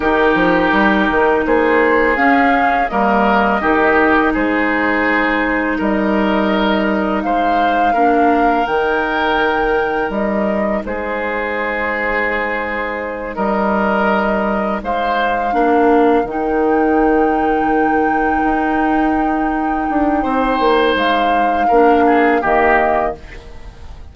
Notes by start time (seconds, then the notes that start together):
0.00 D#3 D#4 G4 A#4
0.34 F3
0.72 G3
1.09 D#3
1.45 A#3 G#4 C5
2.16 C#4 F5
2.87 G3 A#3 A#4 D#5
3.61 D#3 D#4 G4
4.33 G#3 G#4 C5
5.78 G3 A#4 D#5
7.23 G#3 C5 F5
7.93 A#3 D4 A#4
8.66 D#3 D#4 G5
10.09 G3 D#5
10.85 G#3 G#4 C5
13.35 G3 A#4 D#5
14.82 G#3 C5 F5
15.51 A#3 D4 A#4
16.23 D#3 D#4 G5
18.44 D#4
19.89 D4
20.22 C4 C5
20.59 A#3
20.94 G#3 F5
21.67 A#3 D4 A#4
22.06 G#4
22.41 D#3 A#3 G4 D#5